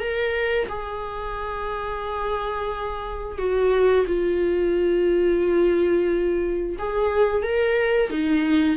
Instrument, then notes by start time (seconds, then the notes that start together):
viola
0.00 A#4
0.69 G#4
3.38 F#4
4.07 F4
6.79 G#4
7.43 A#4
8.10 D#4